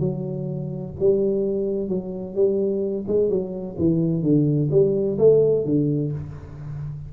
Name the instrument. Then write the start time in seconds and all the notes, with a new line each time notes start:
tuba
0.00 F#3
1.00 G3
1.89 F#3
2.35 G3
3.08 G#3
3.30 F#3
3.79 E3
4.23 D3
4.71 G3
5.19 A3
5.65 D3